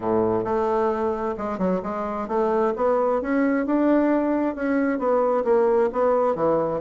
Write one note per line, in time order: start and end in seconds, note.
0.00 0.44 A2
0.44 1.35 A3
1.37 1.58 G#3
1.58 1.81 F#3
1.82 2.27 G#3
2.27 2.73 A3
2.76 3.21 B3
3.21 3.65 C#4
3.65 4.55 D4
4.55 4.98 C#4
4.98 5.44 B3
5.44 5.90 A#3
5.92 6.35 B3
6.35 6.80 E3